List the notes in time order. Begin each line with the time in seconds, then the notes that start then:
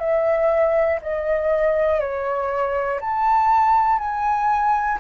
0.00 E5
1.02 D#5
2.00 C#5
3.01 A5
3.99 G#5